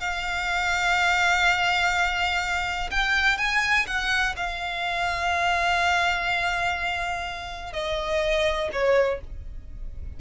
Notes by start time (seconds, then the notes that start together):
0.00 F5
2.91 G5
3.38 G#5
3.87 F#5
4.37 F5
7.73 D#5
8.72 C#5